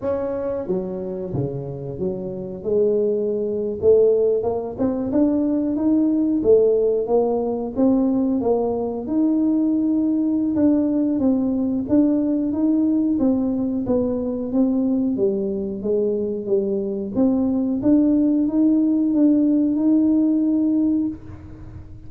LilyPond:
\new Staff \with { instrumentName = "tuba" } { \time 4/4 \tempo 4 = 91 cis'4 fis4 cis4 fis4 | gis4.~ gis16 a4 ais8 c'8 d'16~ | d'8. dis'4 a4 ais4 c'16~ | c'8. ais4 dis'2~ dis'16 |
d'4 c'4 d'4 dis'4 | c'4 b4 c'4 g4 | gis4 g4 c'4 d'4 | dis'4 d'4 dis'2 | }